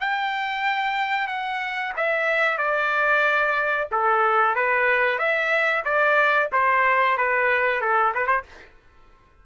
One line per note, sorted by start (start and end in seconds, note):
0.00 1.27 G5
1.27 1.93 F#5
1.97 2.58 E5
2.58 3.88 D5
3.92 4.55 A4
4.55 5.18 B4
5.18 5.84 E5
5.85 6.50 D5
6.52 7.17 C5
7.17 7.81 B4
7.81 8.13 A4
8.14 8.27 B4
8.27 8.43 C5